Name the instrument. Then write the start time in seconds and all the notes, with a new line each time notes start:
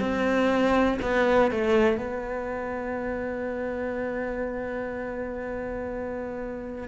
cello
0.00 C4
1.02 B3
1.51 A3
1.98 B3